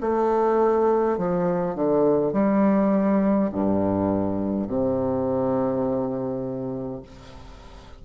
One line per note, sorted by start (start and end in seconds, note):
0.00 1.18 A3
1.18 1.75 F3
1.75 2.33 D3
2.33 3.50 G3
3.51 4.67 G2
4.67 7.02 C3